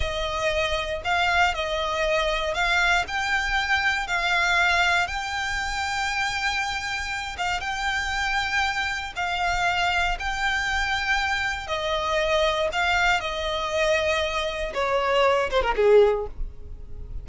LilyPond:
\new Staff \with { instrumentName = "violin" } { \time 4/4 \tempo 4 = 118 dis''2 f''4 dis''4~ | dis''4 f''4 g''2 | f''2 g''2~ | g''2~ g''8 f''8 g''4~ |
g''2 f''2 | g''2. dis''4~ | dis''4 f''4 dis''2~ | dis''4 cis''4. c''16 ais'16 gis'4 | }